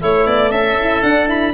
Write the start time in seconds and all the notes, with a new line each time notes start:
0.00 A3 E4 C#5
0.26 B3 D5
0.50 C#4 A4 E5
0.80 E4
1.02 D4 F#5
1.27 E4 B5